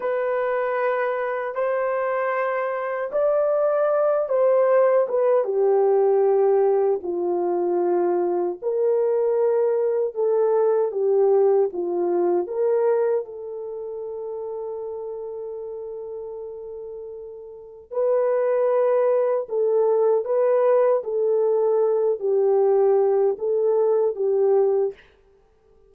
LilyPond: \new Staff \with { instrumentName = "horn" } { \time 4/4 \tempo 4 = 77 b'2 c''2 | d''4. c''4 b'8 g'4~ | g'4 f'2 ais'4~ | ais'4 a'4 g'4 f'4 |
ais'4 a'2.~ | a'2. b'4~ | b'4 a'4 b'4 a'4~ | a'8 g'4. a'4 g'4 | }